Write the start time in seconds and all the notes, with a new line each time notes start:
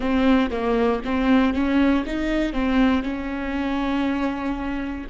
0.00 C4
0.50 A#3
1.04 C4
1.53 C#4
2.06 D#4
2.52 C4
3.03 C#4